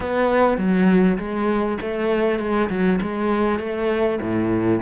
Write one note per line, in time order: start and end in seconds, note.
0.00 0.57 B3
0.57 1.17 F#3
1.18 1.78 G#3
1.81 2.39 A3
2.39 2.69 G#3
2.69 2.99 F#3
3.01 3.59 G#3
3.59 4.19 A3
4.21 4.81 A2